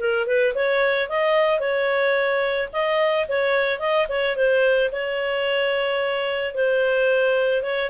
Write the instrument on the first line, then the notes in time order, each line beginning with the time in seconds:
clarinet
0.00 A#4
0.27 B4
0.55 C#5
1.09 D#5
1.60 C#5
2.73 D#5
3.28 C#5
3.80 D#5
4.09 C#5
4.36 C5
4.92 C#5
6.55 C5
7.63 C#5